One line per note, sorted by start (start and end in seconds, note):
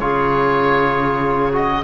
0.00 1.85 C#3
0.00 1.53 F4
0.00 1.85 G#4
0.00 1.53 C#5
1.53 1.83 F#4
1.53 1.85 D#5